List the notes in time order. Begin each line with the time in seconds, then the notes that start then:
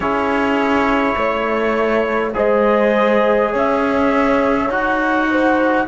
0.00 C#4 E4 G#4 C#5
1.16 A3 C#5
2.33 G#3 G#4 C5 D#5
3.51 C#4 C#5 E5
4.69 D#4 F#4 F#5
5.30 C5